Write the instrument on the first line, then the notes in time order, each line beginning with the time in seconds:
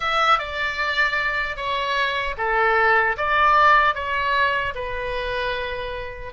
oboe
0.00 E5
0.38 D5
1.56 C#5
2.37 A4
3.17 D5
3.94 C#5
4.74 B4